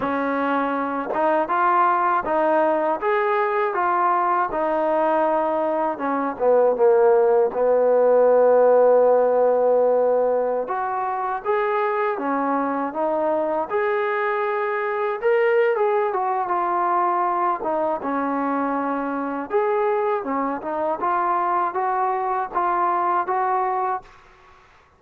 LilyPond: \new Staff \with { instrumentName = "trombone" } { \time 4/4 \tempo 4 = 80 cis'4. dis'8 f'4 dis'4 | gis'4 f'4 dis'2 | cis'8 b8 ais4 b2~ | b2~ b16 fis'4 gis'8.~ |
gis'16 cis'4 dis'4 gis'4.~ gis'16~ | gis'16 ais'8. gis'8 fis'8 f'4. dis'8 | cis'2 gis'4 cis'8 dis'8 | f'4 fis'4 f'4 fis'4 | }